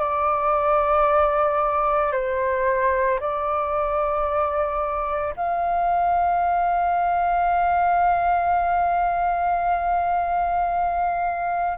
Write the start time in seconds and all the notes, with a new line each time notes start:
0.00 D5
2.13 C5
3.20 D5
5.37 F5